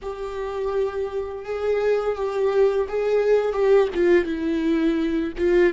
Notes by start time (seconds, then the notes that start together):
0.02 G4
1.44 G#4
2.16 G4
2.88 G#4
3.52 G4
3.94 F4
4.25 E4
5.37 F4